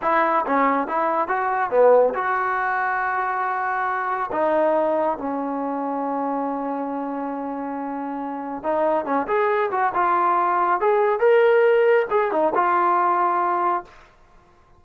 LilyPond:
\new Staff \with { instrumentName = "trombone" } { \time 4/4 \tempo 4 = 139 e'4 cis'4 e'4 fis'4 | b4 fis'2.~ | fis'2 dis'2 | cis'1~ |
cis'1 | dis'4 cis'8 gis'4 fis'8 f'4~ | f'4 gis'4 ais'2 | gis'8 dis'8 f'2. | }